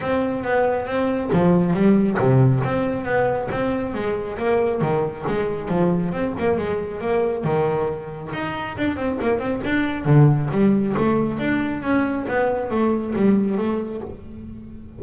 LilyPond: \new Staff \with { instrumentName = "double bass" } { \time 4/4 \tempo 4 = 137 c'4 b4 c'4 f4 | g4 c4 c'4 b4 | c'4 gis4 ais4 dis4 | gis4 f4 c'8 ais8 gis4 |
ais4 dis2 dis'4 | d'8 c'8 ais8 c'8 d'4 d4 | g4 a4 d'4 cis'4 | b4 a4 g4 a4 | }